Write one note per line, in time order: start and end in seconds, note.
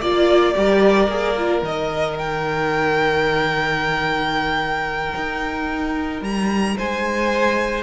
0.00 0.55 A#3
0.00 0.54 F4
0.00 1.62 D5
0.00 0.55 D5
0.54 1.08 G3
0.54 1.08 G4
0.54 6.77 A#4
1.08 1.62 A#3
1.08 1.36 G#4
1.38 1.65 F4
1.62 5.14 D#3
1.62 7.83 D#4
1.62 2.18 D#5
2.18 6.23 G5
5.15 6.21 D#4
6.21 6.75 G3
6.21 6.77 A#5
6.77 7.83 G#3
6.77 7.83 C5
6.77 7.83 G#5